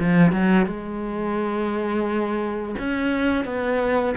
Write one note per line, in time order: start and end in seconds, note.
0.00 0.33 F3
0.33 0.67 F#3
0.67 2.76 G#3
2.79 3.45 C#4
3.45 4.15 B3